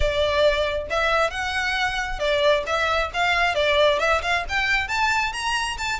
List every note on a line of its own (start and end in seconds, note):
0.00 0.87 D5
0.90 1.30 E5
1.30 2.19 F#5
2.19 2.63 D5
2.66 3.11 E5
3.13 3.54 F5
3.54 3.99 D5
3.99 4.21 E5
4.22 4.44 F5
4.48 4.88 G5
4.88 5.32 A5
5.32 5.77 A#5
5.78 5.99 A5